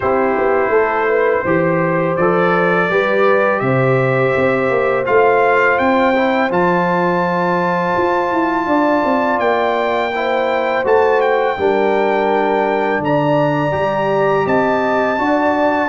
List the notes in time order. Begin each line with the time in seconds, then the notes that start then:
0.00 C4 E4 G4 C5
0.37 B3
0.69 A3 A4
1.08 B4
1.42 E3 G4 C5
2.16 F3 A4 D5
2.89 G3 G4 B4
3.59 C3 C5 E5
4.36 C4
4.70 A#3
5.05 A3 F4 F5
5.78 C4 G5
6.15 E4
6.50 F3 F4 A5
7.97 F4
8.31 E4
8.66 D4 D5
9.04 C4
9.38 A#3 G5
10.14 E4 C5
10.84 A3 F#4 A5
11.20 G5
11.56 G3 D4 A#4
12.99 D3 D5 A#5
13.71 G3 G4
14.45 C4 D#5 A5
15.18 D4 F#4 D5